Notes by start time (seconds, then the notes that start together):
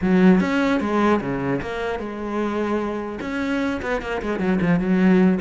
0.01 F#3
0.40 C#4
0.80 G#3
1.20 C#3
1.61 A#3
1.99 G#3
3.20 C#4
3.81 B3
4.01 A#3
4.22 G#3
4.39 F#3
4.61 F3
4.79 F#3